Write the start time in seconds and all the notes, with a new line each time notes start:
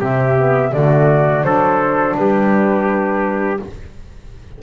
0.00 C3 C4 G4 E5
0.38 B3
0.73 D3 A3 F#4 D5
1.44 F#3 D4 A4 C5
2.17 G3 G4 B4